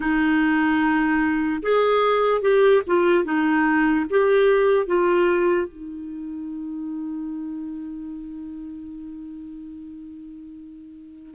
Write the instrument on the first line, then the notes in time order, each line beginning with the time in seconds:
clarinet
0.00 D#4
1.62 G#4
2.41 G4
2.86 F4
3.24 D#4
4.10 G4
4.86 F4
5.67 D#4